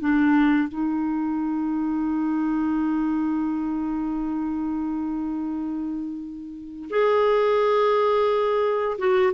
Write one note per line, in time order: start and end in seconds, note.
0.00 0.69 D4
0.69 6.89 D#4
6.91 8.97 G#4
8.99 9.33 F#4